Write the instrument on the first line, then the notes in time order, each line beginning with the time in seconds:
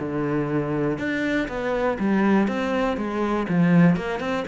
cello
0.00 D3
0.99 D4
1.49 B3
2.00 G3
2.48 C4
2.98 G#3
3.49 F3
3.97 A#3
4.20 C4